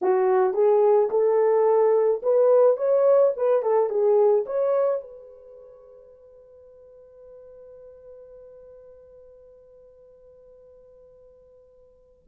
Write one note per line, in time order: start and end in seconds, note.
0.02 0.53 F#4
0.53 1.09 G#4
1.10 2.21 A4
2.22 2.76 B4
2.76 3.32 C#5
3.36 3.62 B4
3.62 3.89 A4
3.89 4.44 G#4
4.46 5.00 C#5
5.00 12.22 B4